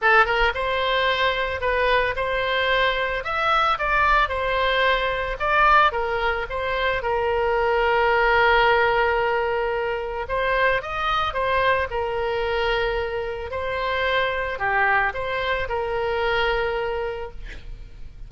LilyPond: \new Staff \with { instrumentName = "oboe" } { \time 4/4 \tempo 4 = 111 a'8 ais'8 c''2 b'4 | c''2 e''4 d''4 | c''2 d''4 ais'4 | c''4 ais'2.~ |
ais'2. c''4 | dis''4 c''4 ais'2~ | ais'4 c''2 g'4 | c''4 ais'2. | }